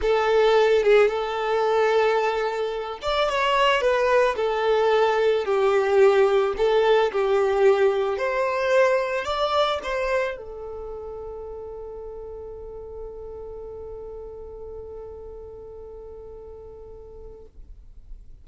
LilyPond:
\new Staff \with { instrumentName = "violin" } { \time 4/4 \tempo 4 = 110 a'4. gis'8 a'2~ | a'4. d''8 cis''4 b'4 | a'2 g'2 | a'4 g'2 c''4~ |
c''4 d''4 c''4 a'4~ | a'1~ | a'1~ | a'1 | }